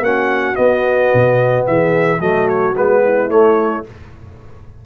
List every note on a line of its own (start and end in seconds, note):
0.00 0.55 A#3
0.00 0.55 C#4
0.00 1.67 F#4
0.00 0.56 F#5
0.55 2.19 B3
0.55 1.13 B3
0.55 1.65 D#5
1.14 1.68 B2
1.67 2.21 E3
1.67 2.20 G#4
1.67 2.21 E5
2.20 2.75 F#3
2.20 2.75 A3
2.20 3.01 F#4
2.20 2.49 D#5
2.49 2.76 C#5
2.76 3.29 G#3
2.76 3.30 B3
2.76 3.31 B4
3.04 3.86 E4
3.29 3.84 A3
3.29 3.85 C#5